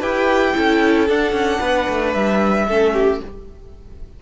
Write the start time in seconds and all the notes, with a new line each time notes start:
0.00 E4 G4 B4 G5
0.55 C#4 E4 A4
1.08 D4 F#5
1.32 C#4
1.60 B3 B4
1.89 A3
2.14 G3 E5
2.67 A3 C#4 A4
2.94 G4